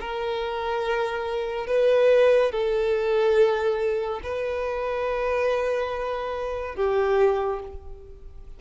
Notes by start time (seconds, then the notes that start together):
0.00 A#4
1.67 B4
2.51 A4
4.23 B4
6.75 G4